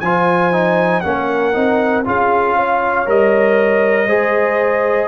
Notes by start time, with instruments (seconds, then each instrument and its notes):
0.00 tuba F3, trombone F4, horn C5, trumpet G#5
0.52 trombone D#4
1.01 tuba A#3, trombone C#4, trumpet F#5
1.07 horn A#4
1.53 tuba C4, trombone D#4
2.05 tuba C#4, trombone F4, horn G#4, trumpet F5
2.56 horn C#5
3.06 tuba G3, trombone A#4, trumpet D#5
4.07 tuba G#3, trombone G#4, horn C5